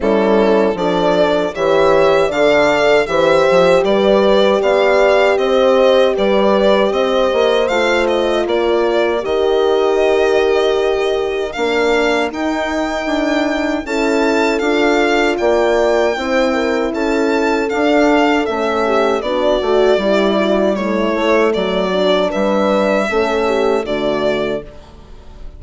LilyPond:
<<
  \new Staff \with { instrumentName = "violin" } { \time 4/4 \tempo 4 = 78 a'4 d''4 e''4 f''4 | e''4 d''4 f''4 dis''4 | d''4 dis''4 f''8 dis''8 d''4 | dis''2. f''4 |
g''2 a''4 f''4 | g''2 a''4 f''4 | e''4 d''2 cis''4 | d''4 e''2 d''4 | }
  \new Staff \with { instrumentName = "horn" } { \time 4/4 e'4 a'4 cis''4 d''4 | c''4 b'4 d''4 c''4 | b'4 c''2 ais'4~ | ais'1~ |
ais'2 a'2 | d''4 c''8 ais'8 a'2~ | a'8 g'8 fis'4 g'8 fis'8 e'4 | fis'4 b'4 a'8 g'8 fis'4 | }
  \new Staff \with { instrumentName = "horn" } { \time 4/4 cis'4 d'4 g'4 a'4 | g'1~ | g'2 f'2 | g'2. d'4 |
dis'2 e'4 f'4~ | f'4 e'2 d'4 | cis'4 d'8 fis'8 e'4 a4~ | a8 d'4. cis'4 a4 | }
  \new Staff \with { instrumentName = "bassoon" } { \time 4/4 g4 f4 e4 d4 | e8 f8 g4 b4 c'4 | g4 c'8 ais8 a4 ais4 | dis2. ais4 |
dis'4 d'4 cis'4 d'4 | ais4 c'4 cis'4 d'4 | a4 b8 a8 g4. a8 | fis4 g4 a4 d4 | }
>>